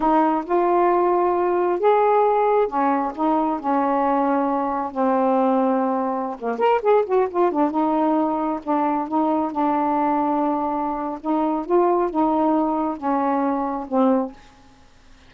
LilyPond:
\new Staff \with { instrumentName = "saxophone" } { \time 4/4 \tempo 4 = 134 dis'4 f'2. | gis'2 cis'4 dis'4 | cis'2. c'4~ | c'2~ c'16 ais8 ais'8 gis'8 fis'16~ |
fis'16 f'8 d'8 dis'2 d'8.~ | d'16 dis'4 d'2~ d'8.~ | d'4 dis'4 f'4 dis'4~ | dis'4 cis'2 c'4 | }